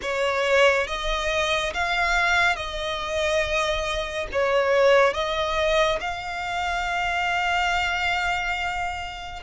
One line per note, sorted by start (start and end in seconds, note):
0.02 0.87 C#5
0.87 1.73 D#5
1.73 2.56 F5
2.56 4.27 D#5
4.32 5.13 C#5
5.13 5.99 D#5
6.00 9.42 F5